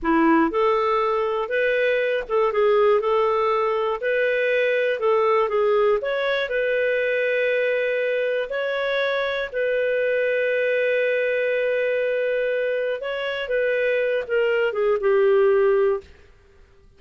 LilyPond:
\new Staff \with { instrumentName = "clarinet" } { \time 4/4 \tempo 4 = 120 e'4 a'2 b'4~ | b'8 a'8 gis'4 a'2 | b'2 a'4 gis'4 | cis''4 b'2.~ |
b'4 cis''2 b'4~ | b'1~ | b'2 cis''4 b'4~ | b'8 ais'4 gis'8 g'2 | }